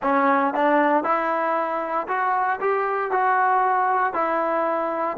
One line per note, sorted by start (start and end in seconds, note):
0.02 0.54 C#4
0.54 1.03 D4
1.03 2.07 E4
2.07 2.59 F#4
2.60 3.11 G4
3.11 4.13 F#4
4.13 5.17 E4